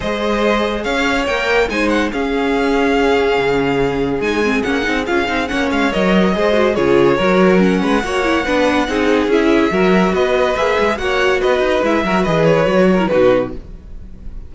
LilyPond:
<<
  \new Staff \with { instrumentName = "violin" } { \time 4/4 \tempo 4 = 142 dis''2 f''4 g''4 | gis''8 fis''8 f''2.~ | f''2 gis''4 fis''4 | f''4 fis''8 f''8 dis''2 |
cis''2 fis''2~ | fis''2 e''2 | dis''4 e''4 fis''4 dis''4 | e''4 dis''8 cis''4. b'4 | }
  \new Staff \with { instrumentName = "violin" } { \time 4/4 c''2 cis''2 | c''4 gis'2.~ | gis'1~ | gis'4 cis''2 c''4 |
gis'4 ais'4. b'8 cis''4 | b'4 gis'2 ais'4 | b'2 cis''4 b'4~ | b'8 ais'8 b'4. ais'8 fis'4 | }
  \new Staff \with { instrumentName = "viola" } { \time 4/4 gis'2. ais'4 | dis'4 cis'2.~ | cis'2 dis'8 c'8 cis'8 dis'8 | f'8 dis'8 cis'4 ais'4 gis'8 fis'8 |
f'4 fis'4 cis'4 fis'8 e'8 | d'4 dis'4 e'4 fis'4~ | fis'4 gis'4 fis'2 | e'8 fis'8 gis'4 fis'8. e'16 dis'4 | }
  \new Staff \with { instrumentName = "cello" } { \time 4/4 gis2 cis'4 ais4 | gis4 cis'2. | cis2 gis4 ais8 c'8 | cis'8 c'8 ais8 gis8 fis4 gis4 |
cis4 fis4. gis8 ais4 | b4 c'4 cis'4 fis4 | b4 ais8 gis8 ais4 b8 dis'8 | gis8 fis8 e4 fis4 b,4 | }
>>